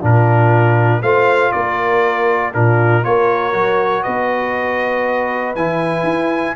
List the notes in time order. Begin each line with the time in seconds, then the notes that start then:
0.00 A#2 D4 F4 A#4
1.02 A3 F4 C5 F5
1.52 A#3 A#4 D5
2.53 A#2 D4 F4 A#4
3.03 A#3 F4 A#4 C#5
3.53 F#3 F#4
4.03 B3 B4 D#5
5.55 E3 E4 G#5
6.03 E4